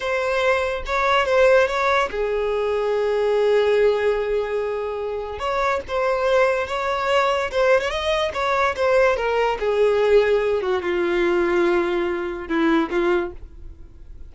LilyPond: \new Staff \with { instrumentName = "violin" } { \time 4/4 \tempo 4 = 144 c''2 cis''4 c''4 | cis''4 gis'2.~ | gis'1~ | gis'4 cis''4 c''2 |
cis''2 c''8. cis''16 dis''4 | cis''4 c''4 ais'4 gis'4~ | gis'4. fis'8 f'2~ | f'2 e'4 f'4 | }